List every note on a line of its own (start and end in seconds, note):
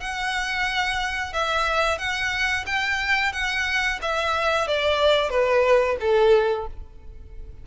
0.00 1.32 F#5
1.32 1.98 E5
1.98 2.65 F#5
2.66 3.32 G5
3.32 3.99 F#5
4.02 4.67 E5
4.67 5.29 D5
5.29 5.96 B4
6.00 6.66 A4